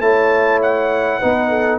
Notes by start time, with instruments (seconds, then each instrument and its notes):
0.00 tuba A3, trombone E4, horn C#5, trumpet A5
0.62 trumpet F#5
1.20 tuba B3, trombone D#4, horn B4
1.50 horn A4